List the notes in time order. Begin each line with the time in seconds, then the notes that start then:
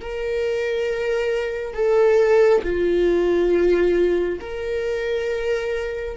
0.00 A#4
1.73 A4
2.63 F4
4.40 A#4